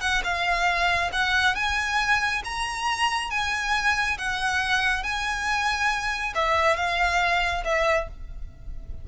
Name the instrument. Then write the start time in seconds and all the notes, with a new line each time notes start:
violin
0.00 F#5
0.24 F5
1.12 F#5
1.55 G#5
2.44 A#5
3.30 G#5
4.17 F#5
5.03 G#5
6.34 E5
6.76 F5
7.64 E5